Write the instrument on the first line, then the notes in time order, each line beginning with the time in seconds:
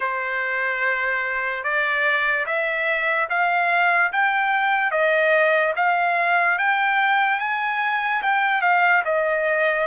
trumpet
0.00 C5
1.63 D5
2.46 E5
3.29 F5
4.12 G5
4.91 D#5
5.76 F5
6.58 G5
7.39 G#5
8.22 G5
8.61 F5
9.04 D#5